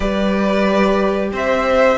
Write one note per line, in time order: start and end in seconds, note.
0.00 1.31 G3
0.00 1.98 G4
0.00 1.30 B4
0.00 1.32 D5
1.32 1.98 C4
1.32 1.98 C5
1.32 1.98 E5